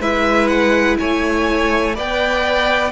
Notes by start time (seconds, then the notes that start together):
0.00 G#3 E4 B4 E5
0.48 F#5
0.99 A3 C#5 G#5
1.94 B3 B4 D5 G5